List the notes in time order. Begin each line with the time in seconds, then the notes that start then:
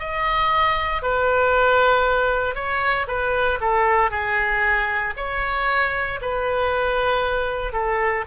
0.00 D#5
1.03 B4
2.55 C#5
3.08 B4
3.61 A4
4.11 G#4
5.17 C#5
6.22 B4
7.73 A4